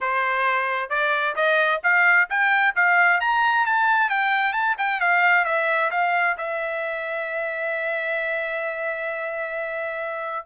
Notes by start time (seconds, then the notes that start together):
0.00 C5
0.89 D5
1.35 D#5
1.83 F5
2.29 G5
2.75 F5
3.20 A#5
3.65 A5
4.09 G5
4.52 A5
4.78 G5
5.00 F5
5.44 E5
5.90 F5
6.37 E5